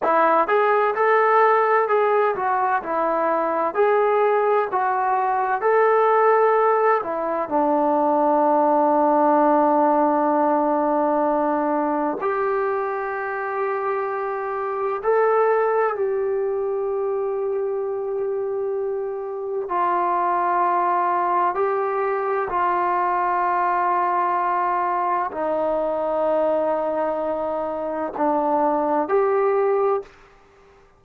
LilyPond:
\new Staff \with { instrumentName = "trombone" } { \time 4/4 \tempo 4 = 64 e'8 gis'8 a'4 gis'8 fis'8 e'4 | gis'4 fis'4 a'4. e'8 | d'1~ | d'4 g'2. |
a'4 g'2.~ | g'4 f'2 g'4 | f'2. dis'4~ | dis'2 d'4 g'4 | }